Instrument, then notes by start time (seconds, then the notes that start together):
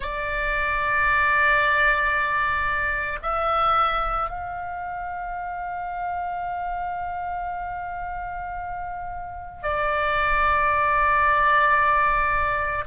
oboe
0.00 D5
3.22 E5
4.29 F5
9.62 D5